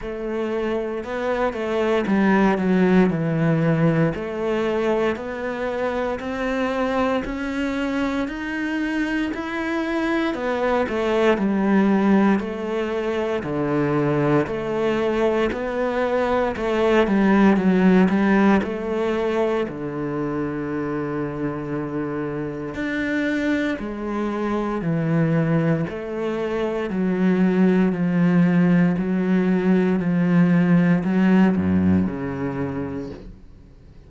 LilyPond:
\new Staff \with { instrumentName = "cello" } { \time 4/4 \tempo 4 = 58 a4 b8 a8 g8 fis8 e4 | a4 b4 c'4 cis'4 | dis'4 e'4 b8 a8 g4 | a4 d4 a4 b4 |
a8 g8 fis8 g8 a4 d4~ | d2 d'4 gis4 | e4 a4 fis4 f4 | fis4 f4 fis8 fis,8 cis4 | }